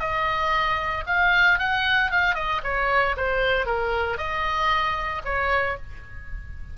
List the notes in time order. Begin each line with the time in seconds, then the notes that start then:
0.00 D#5
1.07 F5
1.59 F#5
2.12 F5
2.35 D#5
2.64 C#5
3.17 C5
3.66 A#4
4.18 D#5
5.25 C#5